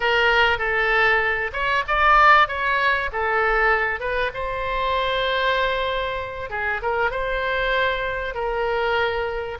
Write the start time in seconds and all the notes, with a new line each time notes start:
0.00 A#4
0.58 A4
1.52 C#5
1.87 D5
2.47 C#5
3.12 A4
4.00 B4
4.34 C5
6.50 G#4
6.82 A#4
7.10 C5
8.34 A#4